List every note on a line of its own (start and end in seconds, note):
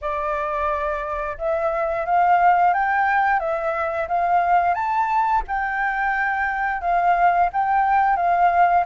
0.01 1.37 D5
1.38 2.05 E5
2.05 2.73 F5
2.73 3.39 G5
3.39 4.07 E5
4.08 4.74 F5
4.74 5.42 A5
5.47 6.81 G5
6.81 7.49 F5
7.52 8.16 G5
8.16 8.84 F5